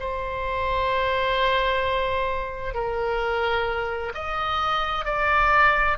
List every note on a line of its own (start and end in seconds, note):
0.00 2.74 C5
2.74 4.12 A#4
4.14 5.05 D#5
5.05 5.97 D5